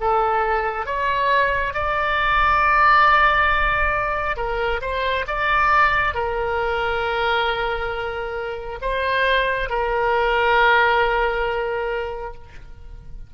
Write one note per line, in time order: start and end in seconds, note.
0.00 0.86 A4
0.86 1.74 C#5
1.74 4.37 D5
4.37 4.80 A#4
4.81 5.25 C5
5.27 6.14 D5
6.14 8.79 A#4
8.81 9.69 C5
9.69 12.34 A#4